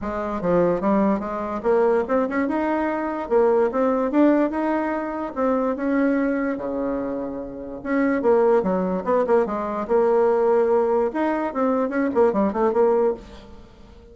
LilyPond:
\new Staff \with { instrumentName = "bassoon" } { \time 4/4 \tempo 4 = 146 gis4 f4 g4 gis4 | ais4 c'8 cis'8 dis'2 | ais4 c'4 d'4 dis'4~ | dis'4 c'4 cis'2 |
cis2. cis'4 | ais4 fis4 b8 ais8 gis4 | ais2. dis'4 | c'4 cis'8 ais8 g8 a8 ais4 | }